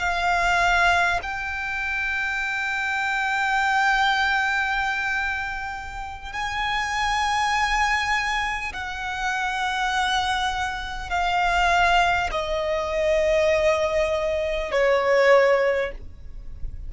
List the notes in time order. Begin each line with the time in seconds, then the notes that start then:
0.00 F5
1.23 G5
6.33 G#5
8.73 F#5
11.10 F5
12.32 D#5
14.72 C#5